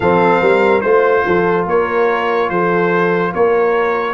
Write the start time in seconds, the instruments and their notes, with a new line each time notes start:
0.00 tuba F3, trombone C4, horn A4, trumpet F5
0.41 tuba G3, horn A#4
0.81 tuba A3, trombone F4, trumpet C5, horn C5
1.26 tuba F3, horn A4
1.66 tuba A#3, horn A#4, trumpet C#5
2.49 tuba F3, horn A4, trumpet C5
3.32 tuba A#3, horn A#4, trumpet C#5